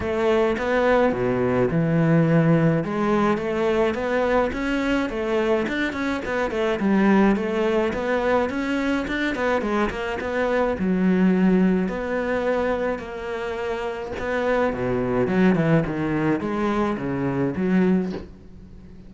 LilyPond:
\new Staff \with { instrumentName = "cello" } { \time 4/4 \tempo 4 = 106 a4 b4 b,4 e4~ | e4 gis4 a4 b4 | cis'4 a4 d'8 cis'8 b8 a8 | g4 a4 b4 cis'4 |
d'8 b8 gis8 ais8 b4 fis4~ | fis4 b2 ais4~ | ais4 b4 b,4 fis8 e8 | dis4 gis4 cis4 fis4 | }